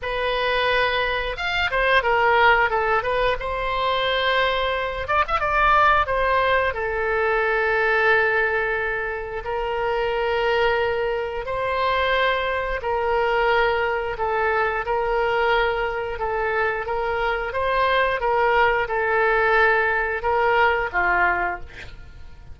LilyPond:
\new Staff \with { instrumentName = "oboe" } { \time 4/4 \tempo 4 = 89 b'2 f''8 c''8 ais'4 | a'8 b'8 c''2~ c''8 d''16 e''16 | d''4 c''4 a'2~ | a'2 ais'2~ |
ais'4 c''2 ais'4~ | ais'4 a'4 ais'2 | a'4 ais'4 c''4 ais'4 | a'2 ais'4 f'4 | }